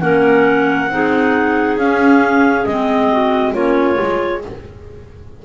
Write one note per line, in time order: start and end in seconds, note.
0.00 0.88 A#3
0.00 0.89 C#4
0.00 0.90 A#4
0.00 1.76 F#5
0.88 1.77 C4
0.88 1.79 D#4
0.88 3.12 G#4
1.77 2.65 C#4
1.77 2.69 C#4
1.77 2.65 F5
2.65 3.53 G#3
2.65 3.55 C4
2.65 3.53 D#5
3.12 3.53 F#4
3.53 3.97 A#3
3.53 3.94 C#4
3.53 4.41 F4
3.53 4.42 C#5
3.94 4.39 F4
4.01 4.45 G#3